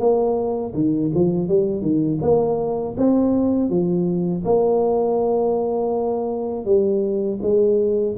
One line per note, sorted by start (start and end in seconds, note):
0.00 0.74 A#3
0.74 1.11 D#3
1.15 1.49 F3
1.49 1.82 G3
1.82 2.19 D#3
2.22 2.96 A#3
2.98 3.70 C4
3.70 4.44 F3
4.45 6.66 A#3
6.66 7.40 G3
7.42 8.16 G#3